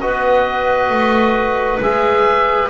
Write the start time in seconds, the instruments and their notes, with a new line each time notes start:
0.00 double bass B3, trombone F#4, clarinet B4, oboe D#5
0.89 double bass A3
1.79 double bass G#3, trombone G#4, oboe E5